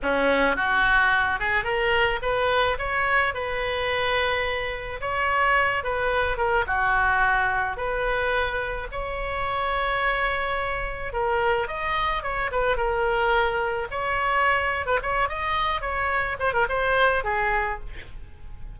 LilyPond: \new Staff \with { instrumentName = "oboe" } { \time 4/4 \tempo 4 = 108 cis'4 fis'4. gis'8 ais'4 | b'4 cis''4 b'2~ | b'4 cis''4. b'4 ais'8 | fis'2 b'2 |
cis''1 | ais'4 dis''4 cis''8 b'8 ais'4~ | ais'4 cis''4.~ cis''16 b'16 cis''8 dis''8~ | dis''8 cis''4 c''16 ais'16 c''4 gis'4 | }